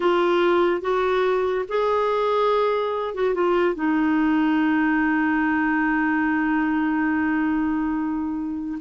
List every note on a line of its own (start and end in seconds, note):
0.00 0.81 F4
0.81 1.65 F#4
1.68 3.14 G#4
3.14 3.34 F#4
3.34 3.75 F4
3.75 8.78 D#4